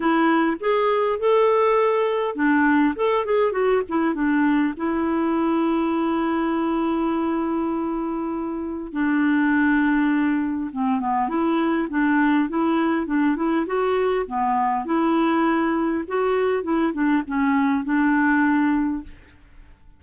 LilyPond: \new Staff \with { instrumentName = "clarinet" } { \time 4/4 \tempo 4 = 101 e'4 gis'4 a'2 | d'4 a'8 gis'8 fis'8 e'8 d'4 | e'1~ | e'2. d'4~ |
d'2 c'8 b8 e'4 | d'4 e'4 d'8 e'8 fis'4 | b4 e'2 fis'4 | e'8 d'8 cis'4 d'2 | }